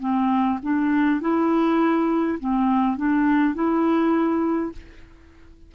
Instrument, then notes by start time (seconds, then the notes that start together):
clarinet
0.00 C4
0.63 D4
1.21 E4
2.39 C4
2.97 D4
3.55 E4